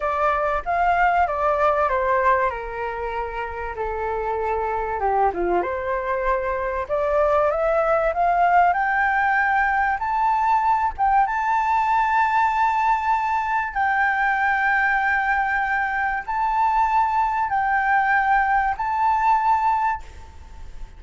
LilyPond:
\new Staff \with { instrumentName = "flute" } { \time 4/4 \tempo 4 = 96 d''4 f''4 d''4 c''4 | ais'2 a'2 | g'8 f'8 c''2 d''4 | e''4 f''4 g''2 |
a''4. g''8 a''2~ | a''2 g''2~ | g''2 a''2 | g''2 a''2 | }